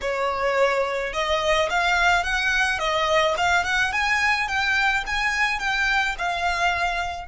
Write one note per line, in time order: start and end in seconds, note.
0.01 1.13 C#5
1.13 1.69 D#5
1.69 2.23 F5
2.23 2.78 F#5
2.78 3.34 D#5
3.37 3.64 F5
3.64 3.92 F#5
3.92 4.48 G#5
4.48 5.04 G5
5.06 5.59 G#5
5.59 6.15 G5
6.18 7.28 F5